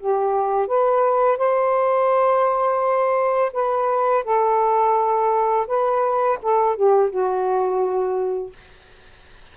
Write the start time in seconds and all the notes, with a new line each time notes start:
0.00 G4
0.68 B4
1.38 C5
3.53 B4
4.24 A4
5.68 B4
6.43 A4
6.76 G4
7.10 F#4